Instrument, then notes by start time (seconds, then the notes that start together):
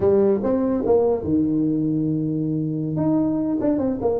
tuba
0.00 G3
0.43 C4
0.86 A#3
1.23 D#3
2.96 D#4
3.61 D4
3.78 C4
4.01 A#3